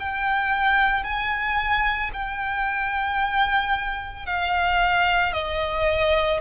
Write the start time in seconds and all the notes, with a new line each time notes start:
0.00 G5
1.04 G#5
2.13 G5
4.26 F5
5.33 D#5